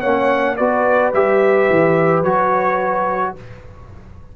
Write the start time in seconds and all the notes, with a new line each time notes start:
0.00 A#3 C#4 C#5 F#5
0.57 B3 F#4 B4 D5
1.13 G3 G4 E5
1.70 E3
2.22 F#3 F#4 C#5